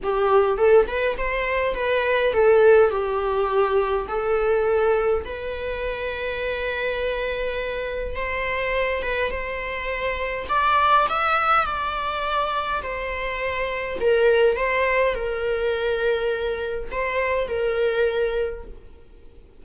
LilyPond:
\new Staff \with { instrumentName = "viola" } { \time 4/4 \tempo 4 = 103 g'4 a'8 b'8 c''4 b'4 | a'4 g'2 a'4~ | a'4 b'2.~ | b'2 c''4. b'8 |
c''2 d''4 e''4 | d''2 c''2 | ais'4 c''4 ais'2~ | ais'4 c''4 ais'2 | }